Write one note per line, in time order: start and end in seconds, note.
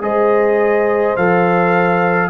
0.00 1.15 G#3
0.00 1.16 G#4
0.00 2.30 C5
0.00 1.16 D#5
1.16 2.30 F3
1.16 2.30 A4
1.16 2.30 F5